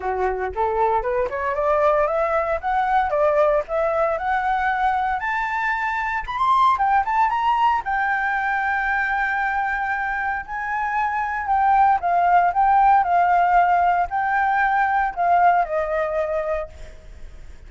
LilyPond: \new Staff \with { instrumentName = "flute" } { \time 4/4 \tempo 4 = 115 fis'4 a'4 b'8 cis''8 d''4 | e''4 fis''4 d''4 e''4 | fis''2 a''2 | b''16 c'''8. g''8 a''8 ais''4 g''4~ |
g''1 | gis''2 g''4 f''4 | g''4 f''2 g''4~ | g''4 f''4 dis''2 | }